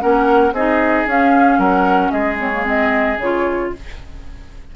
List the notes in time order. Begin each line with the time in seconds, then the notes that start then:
0.00 A#3 C#4 A#4 F#5
0.53 C4 D#4 G#4 D#5
1.07 C#4 F5
1.59 F#3 A#4 F#5
2.11 G#3 G#4 D#5
2.39 C4 C#5
2.54 A#3
2.65 C4 D#5
3.18 C#3 F4 C#5